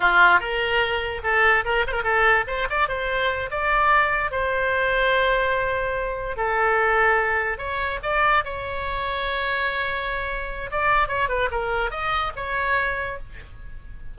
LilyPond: \new Staff \with { instrumentName = "oboe" } { \time 4/4 \tempo 4 = 146 f'4 ais'2 a'4 | ais'8 c''16 ais'16 a'4 c''8 d''8 c''4~ | c''8 d''2 c''4.~ | c''2.~ c''8 a'8~ |
a'2~ a'8 cis''4 d''8~ | d''8 cis''2.~ cis''8~ | cis''2 d''4 cis''8 b'8 | ais'4 dis''4 cis''2 | }